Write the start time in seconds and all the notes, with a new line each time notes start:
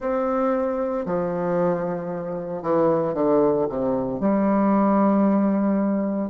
0.00 C4
1.05 F3
2.62 E3
3.13 D3
3.68 C3
4.20 G3